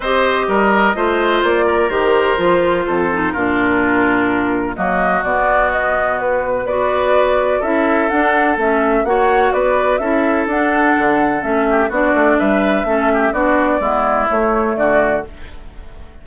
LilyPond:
<<
  \new Staff \with { instrumentName = "flute" } { \time 4/4 \tempo 4 = 126 dis''2. d''4 | c''2. ais'4~ | ais'2 dis''4 d''4 | dis''4 b'4 d''2 |
e''4 fis''4 e''4 fis''4 | d''4 e''4 fis''2 | e''4 d''4 e''2 | d''2 cis''4 d''4 | }
  \new Staff \with { instrumentName = "oboe" } { \time 4/4 c''4 ais'4 c''4. ais'8~ | ais'2 a'4 f'4~ | f'2 fis'2~ | fis'2 b'2 |
a'2. cis''4 | b'4 a'2.~ | a'8 g'8 fis'4 b'4 a'8 g'8 | fis'4 e'2 fis'4 | }
  \new Staff \with { instrumentName = "clarinet" } { \time 4/4 g'2 f'2 | g'4 f'4. dis'8 d'4~ | d'2 ais4 b4~ | b2 fis'2 |
e'4 d'4 cis'4 fis'4~ | fis'4 e'4 d'2 | cis'4 d'2 cis'4 | d'4 b4 a2 | }
  \new Staff \with { instrumentName = "bassoon" } { \time 4/4 c'4 g4 a4 ais4 | dis4 f4 f,4 ais,4~ | ais,2 fis4 b,4~ | b,2 b2 |
cis'4 d'4 a4 ais4 | b4 cis'4 d'4 d4 | a4 b8 a8 g4 a4 | b4 gis4 a4 d4 | }
>>